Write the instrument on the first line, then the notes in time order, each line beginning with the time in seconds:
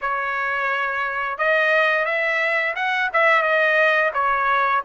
trumpet
0.01 C#5
1.38 D#5
2.05 E5
2.75 F#5
3.13 E5
3.42 D#5
4.13 C#5